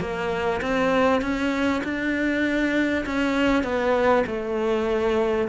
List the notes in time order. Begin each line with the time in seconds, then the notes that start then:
0.00 A#3
0.61 C4
1.21 C#4
1.83 D4
3.06 C#4
3.63 B3
4.26 A3